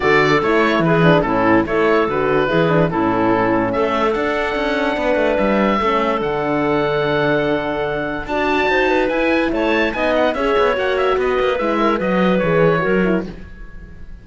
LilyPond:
<<
  \new Staff \with { instrumentName = "oboe" } { \time 4/4 \tempo 4 = 145 d''4 cis''4 b'4 a'4 | cis''4 b'2 a'4~ | a'4 e''4 fis''2~ | fis''4 e''2 fis''4~ |
fis''1 | a''2 gis''4 a''4 | gis''8 fis''8 e''4 fis''8 e''8 dis''4 | e''4 dis''4 cis''2 | }
  \new Staff \with { instrumentName = "clarinet" } { \time 4/4 a'2 gis'4 e'4 | a'2 gis'4 e'4~ | e'4 a'2. | b'2 a'2~ |
a'1 | d''4 c''8 b'4. cis''4 | dis''4 cis''2 b'4~ | b'8 ais'8 b'2 ais'4 | }
  \new Staff \with { instrumentName = "horn" } { \time 4/4 fis'4 e'4. d'8 cis'4 | e'4 fis'4 e'8 d'8 cis'4~ | cis'2 d'2~ | d'2 cis'4 d'4~ |
d'1 | fis'2 e'2 | dis'4 gis'4 fis'2 | e'4 fis'4 gis'4 fis'8 e'8 | }
  \new Staff \with { instrumentName = "cello" } { \time 4/4 d4 a4 e4 a,4 | a4 d4 e4 a,4~ | a,4 a4 d'4 cis'4 | b8 a8 g4 a4 d4~ |
d1 | d'4 dis'4 e'4 a4 | b4 cis'8 b8 ais4 b8 ais8 | gis4 fis4 e4 fis4 | }
>>